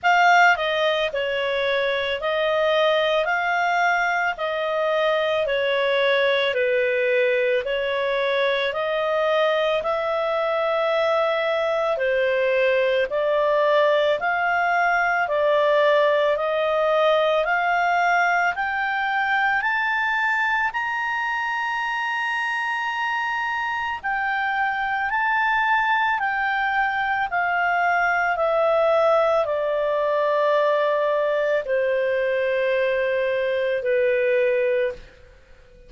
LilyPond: \new Staff \with { instrumentName = "clarinet" } { \time 4/4 \tempo 4 = 55 f''8 dis''8 cis''4 dis''4 f''4 | dis''4 cis''4 b'4 cis''4 | dis''4 e''2 c''4 | d''4 f''4 d''4 dis''4 |
f''4 g''4 a''4 ais''4~ | ais''2 g''4 a''4 | g''4 f''4 e''4 d''4~ | d''4 c''2 b'4 | }